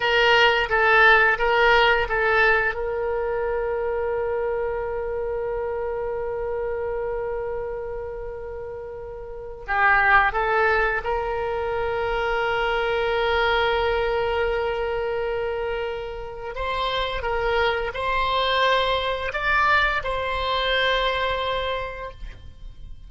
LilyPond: \new Staff \with { instrumentName = "oboe" } { \time 4/4 \tempo 4 = 87 ais'4 a'4 ais'4 a'4 | ais'1~ | ais'1~ | ais'2 g'4 a'4 |
ais'1~ | ais'1 | c''4 ais'4 c''2 | d''4 c''2. | }